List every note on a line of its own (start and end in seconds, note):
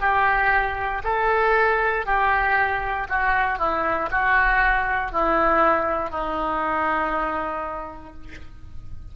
0.00 1.02 G4
1.04 2.05 A4
2.05 3.07 G4
3.09 3.58 F#4
3.58 4.09 E4
4.11 5.11 F#4
5.11 6.10 E4
6.10 8.14 D#4